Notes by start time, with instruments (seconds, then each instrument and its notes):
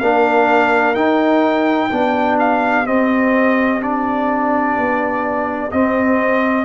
0.00 tuba A#3, trombone D4, horn A#4, trumpet F5
0.95 trombone D#4, tuba D#4, trumpet G5
1.91 tuba B3, trombone D4, horn G4
2.39 trumpet F5
2.86 trombone C4, tuba C4, trumpet D#5
3.81 trombone D4, trumpet D5
4.77 tuba B3
5.71 trombone C4, tuba C4, trumpet D#5